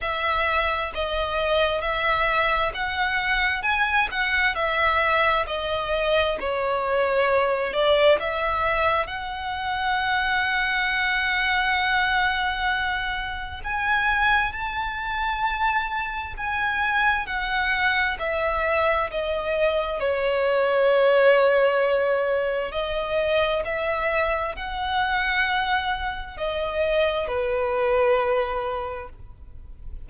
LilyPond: \new Staff \with { instrumentName = "violin" } { \time 4/4 \tempo 4 = 66 e''4 dis''4 e''4 fis''4 | gis''8 fis''8 e''4 dis''4 cis''4~ | cis''8 d''8 e''4 fis''2~ | fis''2. gis''4 |
a''2 gis''4 fis''4 | e''4 dis''4 cis''2~ | cis''4 dis''4 e''4 fis''4~ | fis''4 dis''4 b'2 | }